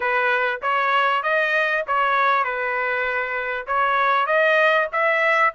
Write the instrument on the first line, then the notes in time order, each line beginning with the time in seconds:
trumpet
0.00 B4
0.62 C#5
1.22 D#5
1.87 C#5
2.44 B4
3.67 C#5
4.26 D#5
4.92 E5